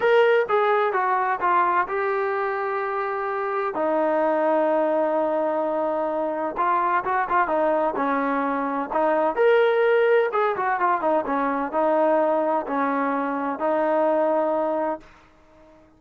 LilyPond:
\new Staff \with { instrumentName = "trombone" } { \time 4/4 \tempo 4 = 128 ais'4 gis'4 fis'4 f'4 | g'1 | dis'1~ | dis'2 f'4 fis'8 f'8 |
dis'4 cis'2 dis'4 | ais'2 gis'8 fis'8 f'8 dis'8 | cis'4 dis'2 cis'4~ | cis'4 dis'2. | }